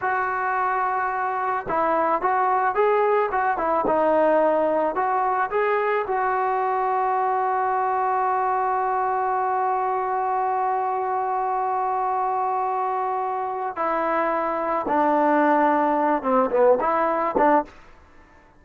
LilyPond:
\new Staff \with { instrumentName = "trombone" } { \time 4/4 \tempo 4 = 109 fis'2. e'4 | fis'4 gis'4 fis'8 e'8 dis'4~ | dis'4 fis'4 gis'4 fis'4~ | fis'1~ |
fis'1~ | fis'1~ | fis'4 e'2 d'4~ | d'4. c'8 b8 e'4 d'8 | }